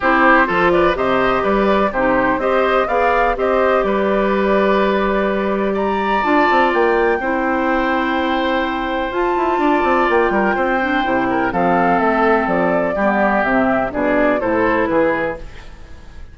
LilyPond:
<<
  \new Staff \with { instrumentName = "flute" } { \time 4/4 \tempo 4 = 125 c''4. d''8 dis''4 d''4 | c''4 dis''4 f''4 dis''4 | d''1 | ais''4 a''4 g''2~ |
g''2. a''4~ | a''4 g''2. | f''4 e''4 d''2 | e''4 d''4 c''4 b'4 | }
  \new Staff \with { instrumentName = "oboe" } { \time 4/4 g'4 a'8 b'8 c''4 b'4 | g'4 c''4 d''4 c''4 | b'1 | d''2. c''4~ |
c''1 | d''4. ais'8 c''4. ais'8 | a'2. g'4~ | g'4 gis'4 a'4 gis'4 | }
  \new Staff \with { instrumentName = "clarinet" } { \time 4/4 e'4 f'4 g'2 | dis'4 g'4 gis'4 g'4~ | g'1~ | g'4 f'2 e'4~ |
e'2. f'4~ | f'2~ f'8 d'8 e'4 | c'2. b4 | c'4 d'4 e'2 | }
  \new Staff \with { instrumentName = "bassoon" } { \time 4/4 c'4 f4 c4 g4 | c4 c'4 b4 c'4 | g1~ | g4 d'8 c'8 ais4 c'4~ |
c'2. f'8 e'8 | d'8 c'8 ais8 g8 c'4 c4 | f4 a4 f4 g4 | c4 b,4 a,4 e4 | }
>>